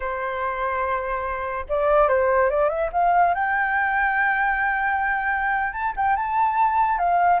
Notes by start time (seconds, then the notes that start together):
0.00 C5
1.68 D5
2.08 C5
2.50 D5
2.69 E5
2.92 F5
3.34 G5
5.73 A5
5.96 G5
6.16 A5
6.98 F5